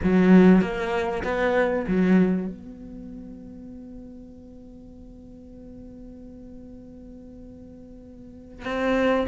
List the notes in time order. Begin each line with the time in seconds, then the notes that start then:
0.03 F#3
0.61 A#3
1.23 B3
1.87 F#3
2.47 B3
8.65 C4